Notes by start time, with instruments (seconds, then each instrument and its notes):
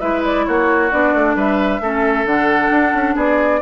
0.00 bassoon G#3, clarinet E4, oboe B4, flute E5
0.24 flute D5
0.45 bassoon A#3, oboe F#4, flute C#5
0.91 bassoon B3, clarinet D4, flute D5
1.14 bassoon A3
1.35 bassoon G3, oboe B4, flute E5
1.80 bassoon A3, clarinet C#4, oboe A4
2.25 bassoon D3, clarinet D4, flute F#5
2.70 bassoon D4
2.94 bassoon C#4
3.15 bassoon B3, oboe G#4, flute D5